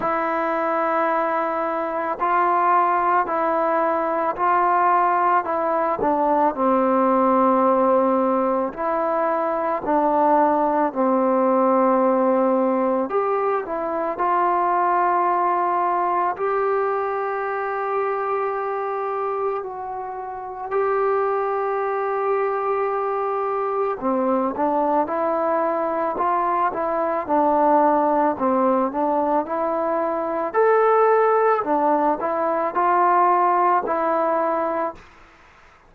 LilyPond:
\new Staff \with { instrumentName = "trombone" } { \time 4/4 \tempo 4 = 55 e'2 f'4 e'4 | f'4 e'8 d'8 c'2 | e'4 d'4 c'2 | g'8 e'8 f'2 g'4~ |
g'2 fis'4 g'4~ | g'2 c'8 d'8 e'4 | f'8 e'8 d'4 c'8 d'8 e'4 | a'4 d'8 e'8 f'4 e'4 | }